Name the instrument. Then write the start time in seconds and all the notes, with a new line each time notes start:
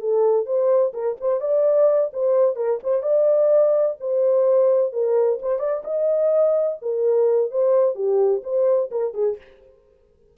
horn
0.00 A4
0.46 C5
0.93 A#4
1.21 C5
1.40 D5
2.13 C5
2.56 A#4
2.83 C5
3.02 D5
4.00 C5
4.92 A#4
5.42 C5
5.59 D5
5.84 D#5
6.82 A#4
7.51 C5
7.95 G4
8.43 C5
8.91 A#4
9.14 G#4